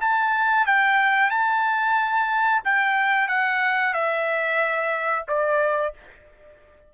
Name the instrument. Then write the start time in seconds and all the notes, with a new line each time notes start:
trumpet
0.00 A5
0.66 G5
1.30 A5
2.64 G5
3.28 F#5
3.94 E5
5.27 D5